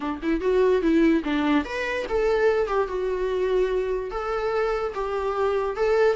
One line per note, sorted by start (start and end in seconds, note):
0.00 0.20 D4
0.22 0.41 E4
0.41 0.81 F#4
0.81 1.22 E4
1.24 1.64 D4
1.64 2.05 B4
2.08 2.67 A4
2.67 2.87 G4
2.87 4.10 F#4
4.10 4.93 A4
4.94 5.76 G4
5.76 6.16 A4